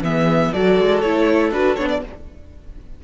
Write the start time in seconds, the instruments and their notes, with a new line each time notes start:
0.00 cello E3, viola B3, violin G#4 E5
0.51 cello F#3, viola F#4, violin A4 D5
0.79 cello G#3
1.00 cello A3, viola E4, violin C#5
1.51 cello D4, viola F#4, violin B4
1.76 cello B3, viola D4, violin C#5
1.89 violin D5